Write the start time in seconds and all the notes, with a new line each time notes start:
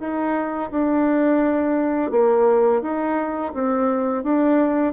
0.00 D#4
0.71 D4
2.11 A#3
2.82 D#4
3.54 C4
4.24 D4